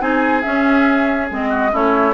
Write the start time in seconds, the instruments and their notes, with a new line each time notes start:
0.00 bassoon C4, clarinet D#4, oboe G#4, flute G#5
0.42 clarinet C#4, bassoon C#4, flute E5
1.30 bassoon G#3, clarinet C4, flute D#5
1.49 oboe F#4
1.72 bassoon A3, clarinet C#4, oboe E4, flute C#5